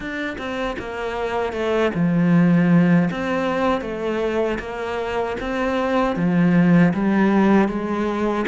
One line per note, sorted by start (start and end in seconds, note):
0.00 0.37 D4
0.38 0.76 C4
0.79 1.52 A#3
1.52 1.91 A3
1.94 3.09 F3
3.10 3.81 C4
3.81 4.58 A3
4.59 5.36 A#3
5.40 6.16 C4
6.16 6.93 F3
6.93 7.68 G3
7.68 8.45 G#3